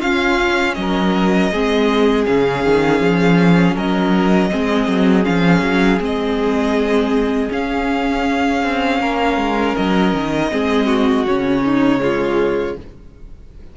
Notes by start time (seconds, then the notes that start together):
0.00 C#4 F4 F5
0.75 F#3 A#4 D#5
1.52 G#3 C4 G#4
2.26 C#3 C#4 F5
2.65 D#3
3.00 F3
3.76 F#3 A#4 D#5
4.51 G#3 C4 G#4
4.89 F#3
5.24 F3 C#4 F5
5.62 F#3
6.00 G#3 C4 D#5
7.50 C#4 F5
8.64 C4
9.01 A#3 A#4
9.37 G#3
9.77 F#3 D#5
10.14 D#3
10.52 G#3 C4 G#4
10.87 F#4
11.27 C#3 C#4 C#5
11.65 D#4
12.00 G#3 F4